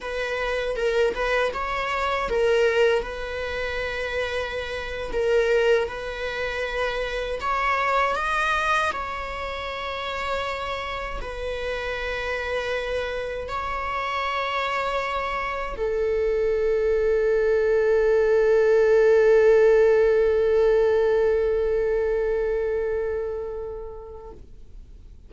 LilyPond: \new Staff \with { instrumentName = "viola" } { \time 4/4 \tempo 4 = 79 b'4 ais'8 b'8 cis''4 ais'4 | b'2~ b'8. ais'4 b'16~ | b'4.~ b'16 cis''4 dis''4 cis''16~ | cis''2~ cis''8. b'4~ b'16~ |
b'4.~ b'16 cis''2~ cis''16~ | cis''8. a'2.~ a'16~ | a'1~ | a'1 | }